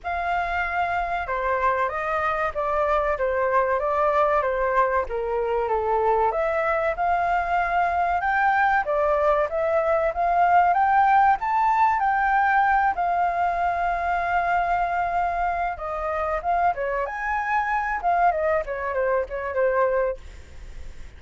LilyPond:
\new Staff \with { instrumentName = "flute" } { \time 4/4 \tempo 4 = 95 f''2 c''4 dis''4 | d''4 c''4 d''4 c''4 | ais'4 a'4 e''4 f''4~ | f''4 g''4 d''4 e''4 |
f''4 g''4 a''4 g''4~ | g''8 f''2.~ f''8~ | f''4 dis''4 f''8 cis''8 gis''4~ | gis''8 f''8 dis''8 cis''8 c''8 cis''8 c''4 | }